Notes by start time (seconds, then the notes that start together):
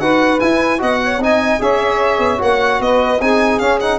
0.00 D#4 F#4 B4 F#5
0.40 E4 G#5
0.79 B3 F#4 D#5 F#5
1.03 C#5
1.19 C4 D#4 D#5 G#5
1.60 C#4 G#4 C#5 E5
2.19 B3
2.38 A#3 F#4 F#5
2.80 B3 B4 D#5
3.20 C4 D#4 G#4 G#5
3.59 C#4 F5
3.81 D#4 F#5